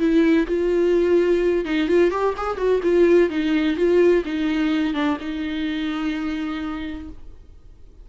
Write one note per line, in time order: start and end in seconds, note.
0.00 0.47 E4
0.47 1.65 F4
1.65 1.88 D#4
1.88 2.11 F4
2.11 2.35 G4
2.37 2.57 G#4
2.57 2.81 F#4
2.84 3.30 F4
3.30 3.77 D#4
3.77 4.24 F4
4.25 4.94 D#4
4.94 5.18 D4
5.21 7.10 D#4